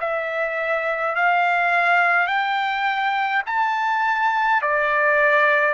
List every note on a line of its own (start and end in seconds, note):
0.00 1.15 E5
1.15 2.27 F5
2.27 3.42 G5
3.46 4.62 A5
4.62 5.74 D5